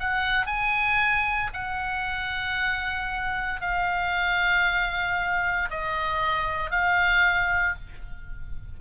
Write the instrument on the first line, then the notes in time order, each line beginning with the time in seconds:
oboe
0.00 F#5
0.46 G#5
1.54 F#5
3.61 F5
5.70 D#5
6.71 F5